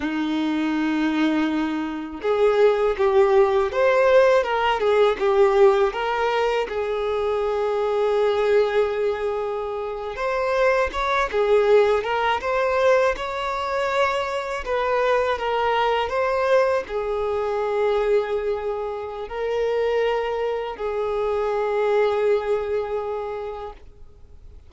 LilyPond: \new Staff \with { instrumentName = "violin" } { \time 4/4 \tempo 4 = 81 dis'2. gis'4 | g'4 c''4 ais'8 gis'8 g'4 | ais'4 gis'2.~ | gis'4.~ gis'16 c''4 cis''8 gis'8.~ |
gis'16 ais'8 c''4 cis''2 b'16~ | b'8. ais'4 c''4 gis'4~ gis'16~ | gis'2 ais'2 | gis'1 | }